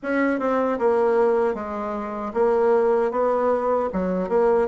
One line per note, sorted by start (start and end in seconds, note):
0.02 0.39 C#4
0.39 0.78 C4
0.79 1.54 A#3
1.54 2.32 G#3
2.33 3.11 A#3
3.11 3.89 B3
3.92 4.29 F#3
4.29 4.68 A#3